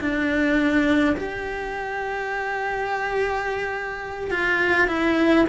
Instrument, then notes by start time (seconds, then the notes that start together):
cello
0.00 D4
1.16 G4
4.30 F4
4.88 E4